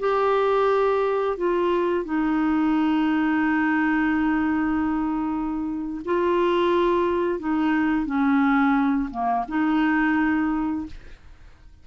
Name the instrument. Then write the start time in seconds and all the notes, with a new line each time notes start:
clarinet
0.00 G4
1.37 F4
2.05 D#4
6.05 F4
7.40 D#4
8.06 C#4
9.11 A#3
9.48 D#4